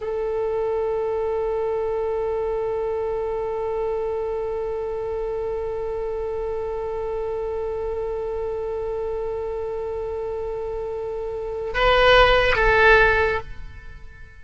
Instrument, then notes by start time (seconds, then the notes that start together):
oboe
0.01 A4
11.74 B4
12.55 A4